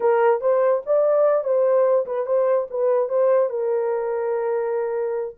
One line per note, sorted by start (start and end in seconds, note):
0.00 0.41 A#4
0.41 0.82 C5
0.86 1.44 D5
1.44 2.05 C5
2.06 2.25 B4
2.25 2.67 C5
2.70 3.08 B4
3.08 3.49 C5
3.49 5.34 A#4